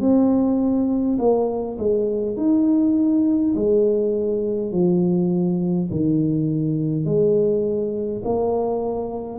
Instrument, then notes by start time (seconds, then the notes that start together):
tuba
0.00 C4
1.18 A#3
1.78 G#3
2.36 D#4
3.55 G#3
4.72 F3
5.91 D#3
7.04 G#3
8.25 A#3